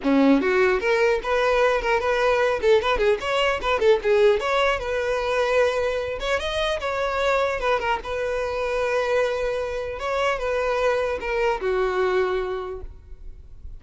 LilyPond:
\new Staff \with { instrumentName = "violin" } { \time 4/4 \tempo 4 = 150 cis'4 fis'4 ais'4 b'4~ | b'8 ais'8 b'4. a'8 b'8 gis'8 | cis''4 b'8 a'8 gis'4 cis''4 | b'2.~ b'8 cis''8 |
dis''4 cis''2 b'8 ais'8 | b'1~ | b'4 cis''4 b'2 | ais'4 fis'2. | }